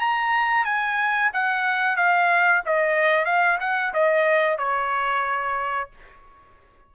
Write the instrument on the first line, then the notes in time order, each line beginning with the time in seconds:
trumpet
0.00 A#5
0.65 G#5
1.34 F#5
1.97 F5
2.66 D#5
3.26 F5
3.61 F#5
3.94 D#5
4.59 C#5